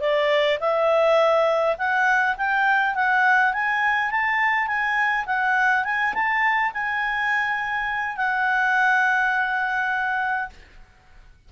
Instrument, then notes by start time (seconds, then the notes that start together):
clarinet
0.00 D5
0.60 E5
1.78 F#5
2.37 G5
2.94 F#5
3.53 G#5
4.11 A5
4.67 G#5
5.26 F#5
5.84 G#5
6.14 A5
6.73 G#5
8.16 F#5